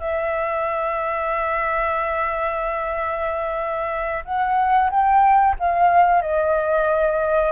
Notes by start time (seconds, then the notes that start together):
0.00 E5
4.25 F#5
4.91 G5
5.60 F5
6.22 D#5